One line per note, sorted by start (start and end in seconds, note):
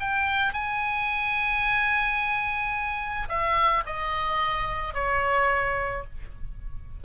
0.00 0.53 G5
0.53 3.28 G#5
3.29 3.84 E5
3.86 4.94 D#5
4.94 6.04 C#5